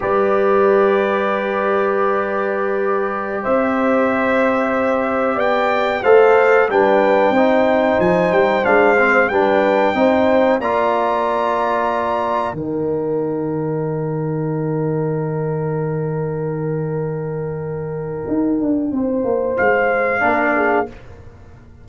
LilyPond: <<
  \new Staff \with { instrumentName = "trumpet" } { \time 4/4 \tempo 4 = 92 d''1~ | d''4~ d''16 e''2~ e''8.~ | e''16 g''4 f''4 g''4.~ g''16~ | g''16 gis''8 g''8 f''4 g''4.~ g''16~ |
g''16 ais''2. g''8.~ | g''1~ | g''1~ | g''2 f''2 | }
  \new Staff \with { instrumentName = "horn" } { \time 4/4 b'1~ | b'4~ b'16 c''2~ c''8.~ | c''16 d''4 c''4 b'4 c''8.~ | c''2~ c''16 b'4 c''8.~ |
c''16 d''2. ais'8.~ | ais'1~ | ais'1~ | ais'4 c''2 ais'8 gis'8 | }
  \new Staff \with { instrumentName = "trombone" } { \time 4/4 g'1~ | g'1~ | g'4~ g'16 a'4 d'4 dis'8.~ | dis'4~ dis'16 d'8 c'8 d'4 dis'8.~ |
dis'16 f'2. dis'8.~ | dis'1~ | dis'1~ | dis'2. d'4 | }
  \new Staff \with { instrumentName = "tuba" } { \time 4/4 g1~ | g4~ g16 c'2~ c'8.~ | c'16 b4 a4 g4 c'8.~ | c'16 f8 g8 gis4 g4 c'8.~ |
c'16 ais2. dis8.~ | dis1~ | dis1 | dis'8 d'8 c'8 ais8 gis4 ais4 | }
>>